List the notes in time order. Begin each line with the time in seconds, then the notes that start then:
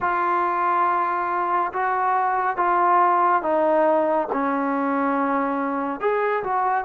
0.00 F4
1.73 F#4
2.56 F4
3.42 D#4
4.32 C#4
6.00 G#4
6.43 F#4